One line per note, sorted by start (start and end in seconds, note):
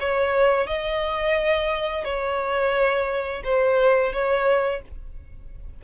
0.00 0.67 C#5
0.67 2.04 D#5
2.04 3.42 C#5
3.44 4.13 C5
4.13 4.82 C#5